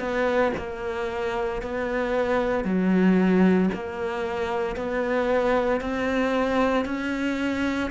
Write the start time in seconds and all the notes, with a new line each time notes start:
0.00 B3
0.58 A#3
1.63 B3
2.65 F#3
3.74 A#3
4.77 B3
5.81 C4
6.86 C#4